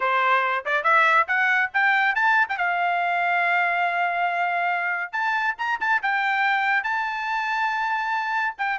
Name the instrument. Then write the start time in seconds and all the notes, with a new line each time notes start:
trumpet
0.00 C5
0.65 D5
0.83 E5
1.27 F#5
1.73 G5
2.15 A5
2.49 G5
2.57 F5
5.12 A5
5.58 A#5
5.80 A5
6.02 G5
6.83 A5
8.57 G5